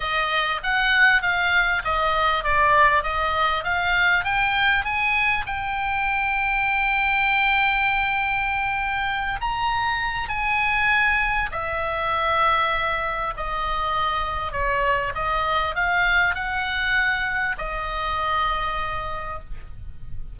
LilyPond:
\new Staff \with { instrumentName = "oboe" } { \time 4/4 \tempo 4 = 99 dis''4 fis''4 f''4 dis''4 | d''4 dis''4 f''4 g''4 | gis''4 g''2.~ | g''2.~ g''8 ais''8~ |
ais''4 gis''2 e''4~ | e''2 dis''2 | cis''4 dis''4 f''4 fis''4~ | fis''4 dis''2. | }